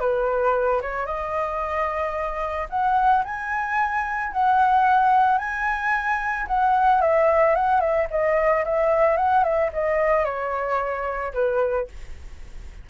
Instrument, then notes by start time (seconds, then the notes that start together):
flute
0.00 B4
0.82 C#5
1.06 D#5
2.70 F#5
3.24 G#5
4.32 F#5
5.38 G#5
6.47 F#5
7.01 E5
7.55 F#5
7.80 E5
8.10 D#5
8.65 E5
9.16 F#5
9.43 E5
9.73 D#5
10.24 C#5
11.34 B4